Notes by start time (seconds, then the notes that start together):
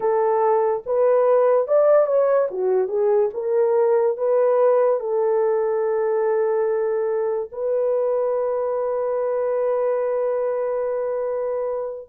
0.00 A4
0.86 B4
1.67 D5
2.06 C#5
2.50 F#4
2.87 G#4
3.33 A#4
4.17 B4
5.00 A4
7.52 B4